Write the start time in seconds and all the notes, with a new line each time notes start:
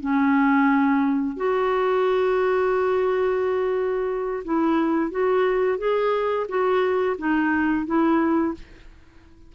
0.00 C#4
1.36 F#4
4.44 E4
5.11 F#4
5.78 G#4
6.48 F#4
7.18 D#4
7.86 E4